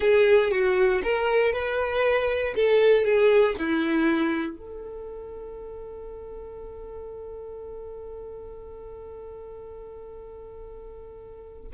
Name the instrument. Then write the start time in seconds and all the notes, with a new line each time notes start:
violin
0.00 G#4
0.51 F#4
1.03 A#4
1.53 B4
2.55 A4
3.04 G#4
3.58 E4
4.57 A4